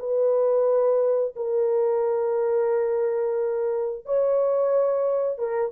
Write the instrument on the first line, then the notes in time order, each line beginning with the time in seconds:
horn
0.00 B4
1.36 A#4
4.06 C#5
5.39 A#4